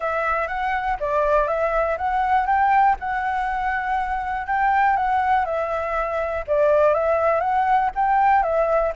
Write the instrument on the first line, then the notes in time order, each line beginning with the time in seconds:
flute
0.00 E5
0.47 F#5
1.00 D5
1.47 E5
1.97 F#5
2.46 G5
2.99 F#5
4.47 G5
4.96 F#5
5.45 E5
6.47 D5
6.94 E5
7.40 F#5
7.95 G5
8.43 E5